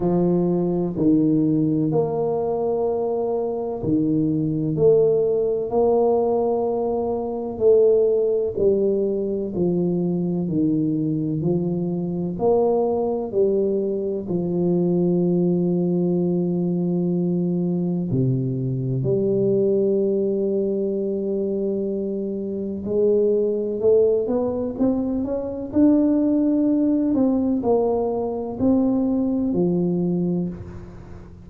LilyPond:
\new Staff \with { instrumentName = "tuba" } { \time 4/4 \tempo 4 = 63 f4 dis4 ais2 | dis4 a4 ais2 | a4 g4 f4 dis4 | f4 ais4 g4 f4~ |
f2. c4 | g1 | gis4 a8 b8 c'8 cis'8 d'4~ | d'8 c'8 ais4 c'4 f4 | }